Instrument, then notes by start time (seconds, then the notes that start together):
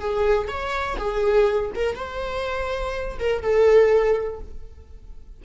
viola
0.00 G#4
0.48 C#5
0.98 G#4
1.75 A#4
1.96 C5
3.19 A#4
3.42 A4